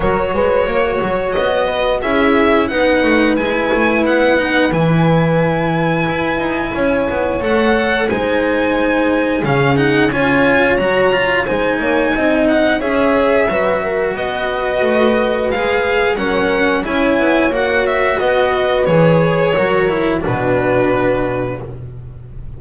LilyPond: <<
  \new Staff \with { instrumentName = "violin" } { \time 4/4 \tempo 4 = 89 cis''2 dis''4 e''4 | fis''4 gis''4 fis''4 gis''4~ | gis''2. fis''4 | gis''2 f''8 fis''8 gis''4 |
ais''4 gis''4. fis''8 e''4~ | e''4 dis''2 f''4 | fis''4 gis''4 fis''8 e''8 dis''4 | cis''2 b'2 | }
  \new Staff \with { instrumentName = "horn" } { \time 4/4 ais'8 b'8 cis''4. b'8 gis'4 | b'1~ | b'2 cis''2 | c''2 gis'4 cis''4~ |
cis''4 c''8 cis''8 dis''4 cis''4 | b'8 ais'8 b'2. | ais'4 cis''2 b'4~ | b'4 ais'4 fis'2 | }
  \new Staff \with { instrumentName = "cello" } { \time 4/4 fis'2. e'4 | dis'4 e'4. dis'8 e'4~ | e'2. a'4 | dis'2 cis'8 dis'8 f'4 |
fis'8 f'8 dis'2 gis'4 | fis'2. gis'4 | cis'4 e'4 fis'2 | gis'4 fis'8 e'8 d'2 | }
  \new Staff \with { instrumentName = "double bass" } { \time 4/4 fis8 gis8 ais8 fis8 b4 cis'4 | b8 a8 gis8 a8 b4 e4~ | e4 e'8 dis'8 cis'8 b8 a4 | gis2 cis4 cis'4 |
fis4 gis8 ais8 c'4 cis'4 | fis4 b4 a4 gis4 | fis4 cis'8 b8 ais4 b4 | e4 fis4 b,2 | }
>>